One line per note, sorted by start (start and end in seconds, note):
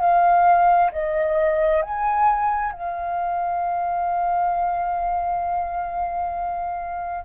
0.00 0.91 F5
0.92 1.82 D#5
1.82 2.72 G#5
2.72 7.25 F5